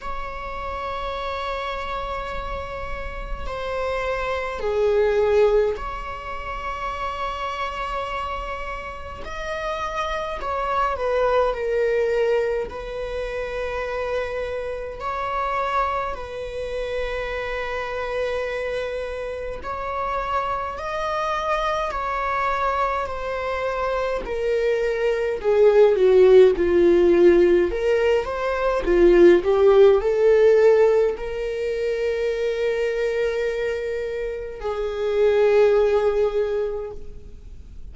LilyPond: \new Staff \with { instrumentName = "viola" } { \time 4/4 \tempo 4 = 52 cis''2. c''4 | gis'4 cis''2. | dis''4 cis''8 b'8 ais'4 b'4~ | b'4 cis''4 b'2~ |
b'4 cis''4 dis''4 cis''4 | c''4 ais'4 gis'8 fis'8 f'4 | ais'8 c''8 f'8 g'8 a'4 ais'4~ | ais'2 gis'2 | }